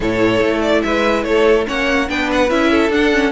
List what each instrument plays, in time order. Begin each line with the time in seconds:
0.00 cello A2, viola E4, violin A4 C#5
0.40 cello A3
0.61 violin D5
0.82 cello G#3, violin B4 E5
1.23 cello A3, violin A4 C#5
1.66 cello A#3, viola C#4, violin C#5 F#5
2.08 cello B3, viola D4, violin B4 G5
2.32 violin F#5
2.50 cello C#4, viola E4, violin E5
2.71 violin A4
2.89 cello D4, viola D4, violin F#5
3.13 viola C#4